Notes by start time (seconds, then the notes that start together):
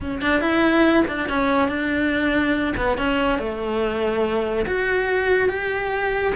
0.00 C#4
0.21 D4
0.40 E4
1.07 D4
1.28 C#4
1.68 D4
2.76 B3
2.97 C#4
3.38 A3
4.66 F#4
5.49 G4